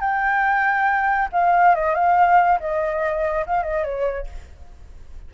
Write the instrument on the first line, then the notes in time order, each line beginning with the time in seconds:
flute
0.00 G5
1.32 F5
1.75 D#5
1.95 F5
2.60 D#5
3.46 F5
3.63 D#5
3.84 C#5